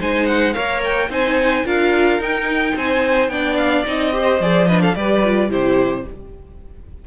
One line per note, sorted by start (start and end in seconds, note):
0.00 0.56 G#3
0.00 0.54 D#4
0.00 0.54 C5
0.00 0.26 G#5
0.26 0.53 F#5
0.53 1.09 A#3
0.53 1.09 A#4
0.53 1.09 C#5
0.53 0.81 F5
0.84 1.12 G5
1.09 1.64 C4
1.09 1.65 D#4
1.09 1.65 C5
1.09 1.67 G#5
1.65 2.19 D4
1.65 2.20 F4
1.65 2.76 A#4
1.65 2.22 F5
2.19 2.74 D#4
2.19 3.30 D#4
2.19 2.78 G5
2.76 3.29 C4
2.76 3.31 C5
2.76 3.29 G#5
3.29 3.84 B3
3.29 3.86 D4
3.29 4.14 D5
3.29 3.56 G5
3.57 3.85 F5
3.86 4.40 C4
3.86 4.12 D#4
3.86 4.42 D#5
4.12 4.40 G4
4.12 4.68 C5
4.40 4.95 F3
4.40 4.69 G#4
4.40 4.67 D5
4.67 4.96 D4
4.67 4.82 B4
4.67 4.81 D#5
4.82 4.95 A4
4.82 4.95 F5
4.95 5.50 G3
4.95 5.23 G4
4.95 5.50 B4
4.95 5.50 D5
5.24 5.50 F4
5.50 6.05 C3
5.50 6.05 E4
5.50 6.05 G4
5.50 6.07 C5